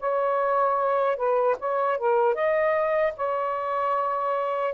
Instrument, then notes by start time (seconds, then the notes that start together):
saxophone
0.00 C#5
1.17 B4
1.60 C#5
1.98 A#4
2.35 D#5
3.17 C#5